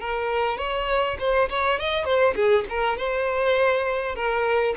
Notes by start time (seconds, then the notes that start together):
0.00 A#4
0.58 C#5
1.19 C5
1.49 C#5
1.79 D#5
2.04 C5
2.35 G#4
2.69 A#4
2.97 C5
4.15 A#4